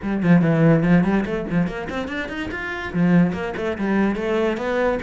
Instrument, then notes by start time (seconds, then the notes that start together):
cello
0.02 G3
0.22 F3
0.41 E3
0.83 F3
1.03 G3
1.25 A3
1.50 F3
1.67 A#3
1.89 C4
2.08 D4
2.28 D#4
2.51 F4
2.93 F3
3.32 A#3
3.56 A3
3.77 G3
4.15 A3
4.57 B3